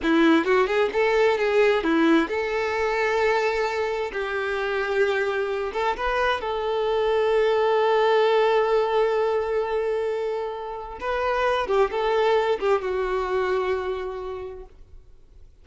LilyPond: \new Staff \with { instrumentName = "violin" } { \time 4/4 \tempo 4 = 131 e'4 fis'8 gis'8 a'4 gis'4 | e'4 a'2.~ | a'4 g'2.~ | g'8 a'8 b'4 a'2~ |
a'1~ | a'1 | b'4. g'8 a'4. g'8 | fis'1 | }